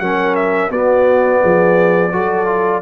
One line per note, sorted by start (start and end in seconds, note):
0.00 0.70 F#3
0.00 0.71 C#4
0.00 0.72 A#4
0.00 0.35 F#5
0.36 0.71 E5
0.70 1.41 B3
0.70 2.13 B3
0.70 1.41 F#4
0.70 2.83 D5
1.41 2.14 F3
1.41 2.11 G#4
2.12 2.83 F#3
2.12 2.46 F#4
2.12 2.83 A4
2.46 2.82 F4